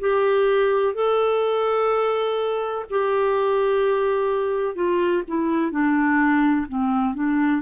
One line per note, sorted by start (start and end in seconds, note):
0.00 0.95 G4
0.95 2.85 A4
2.90 4.75 G4
4.75 5.23 F4
5.28 5.71 E4
5.71 6.67 D4
6.69 7.14 C4
7.14 7.62 D4